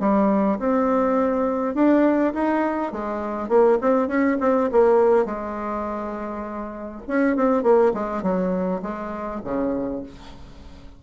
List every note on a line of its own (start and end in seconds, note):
0.00 0.59 G3
0.59 1.75 C4
1.75 2.34 D4
2.34 2.93 D#4
2.93 3.49 G#3
3.49 3.78 A#3
3.81 4.08 C4
4.08 4.37 C#4
4.41 4.70 C4
4.72 5.25 A#3
5.25 7.02 G#3
7.08 7.36 C#4
7.36 7.63 C4
7.63 7.93 A#3
7.94 8.23 G#3
8.23 8.82 F#3
8.82 9.41 G#3
9.44 10.03 C#3